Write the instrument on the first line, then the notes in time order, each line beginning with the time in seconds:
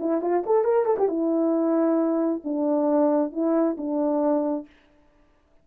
horn
0.00 E4
0.22 F4
0.46 A4
0.64 A#4
0.85 A4
0.98 G4
1.08 E4
2.44 D4
3.32 E4
3.77 D4